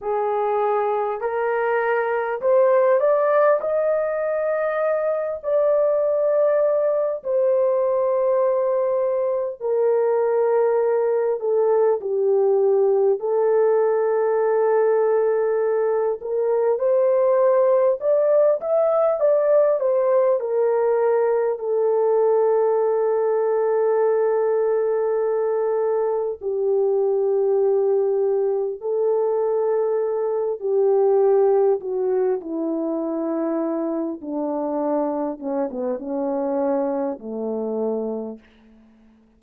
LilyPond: \new Staff \with { instrumentName = "horn" } { \time 4/4 \tempo 4 = 50 gis'4 ais'4 c''8 d''8 dis''4~ | dis''8 d''4. c''2 | ais'4. a'8 g'4 a'4~ | a'4. ais'8 c''4 d''8 e''8 |
d''8 c''8 ais'4 a'2~ | a'2 g'2 | a'4. g'4 fis'8 e'4~ | e'8 d'4 cis'16 b16 cis'4 a4 | }